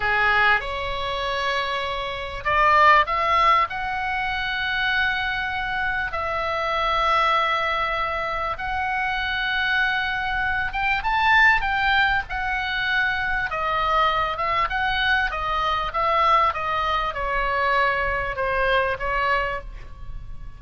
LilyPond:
\new Staff \with { instrumentName = "oboe" } { \time 4/4 \tempo 4 = 98 gis'4 cis''2. | d''4 e''4 fis''2~ | fis''2 e''2~ | e''2 fis''2~ |
fis''4. g''8 a''4 g''4 | fis''2 dis''4. e''8 | fis''4 dis''4 e''4 dis''4 | cis''2 c''4 cis''4 | }